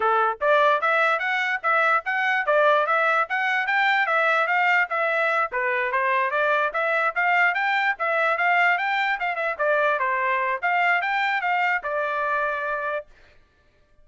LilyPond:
\new Staff \with { instrumentName = "trumpet" } { \time 4/4 \tempo 4 = 147 a'4 d''4 e''4 fis''4 | e''4 fis''4 d''4 e''4 | fis''4 g''4 e''4 f''4 | e''4. b'4 c''4 d''8~ |
d''8 e''4 f''4 g''4 e''8~ | e''8 f''4 g''4 f''8 e''8 d''8~ | d''8 c''4. f''4 g''4 | f''4 d''2. | }